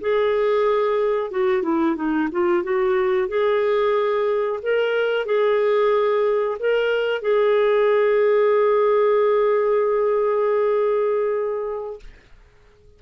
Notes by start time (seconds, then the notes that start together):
0.00 G#4
1.31 F#4
1.62 E4
1.95 D#4
2.31 F4
2.63 F#4
3.28 G#4
4.62 A#4
5.25 G#4
6.59 A#4
7.21 G#4